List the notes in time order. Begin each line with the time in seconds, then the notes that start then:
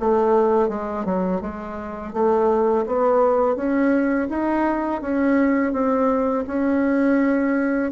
0.00 A3
0.69 G#3
1.05 F#3
1.41 G#3
2.13 A3
2.86 B3
3.56 C#4
4.29 D#4
5.01 C#4
5.73 C4
6.47 C#4